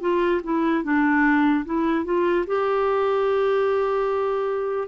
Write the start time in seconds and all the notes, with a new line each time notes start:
0.00 F4
0.43 E4
0.83 D4
1.65 E4
2.04 F4
2.46 G4